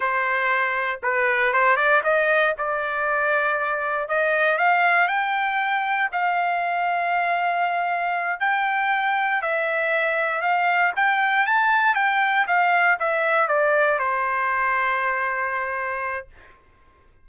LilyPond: \new Staff \with { instrumentName = "trumpet" } { \time 4/4 \tempo 4 = 118 c''2 b'4 c''8 d''8 | dis''4 d''2. | dis''4 f''4 g''2 | f''1~ |
f''8 g''2 e''4.~ | e''8 f''4 g''4 a''4 g''8~ | g''8 f''4 e''4 d''4 c''8~ | c''1 | }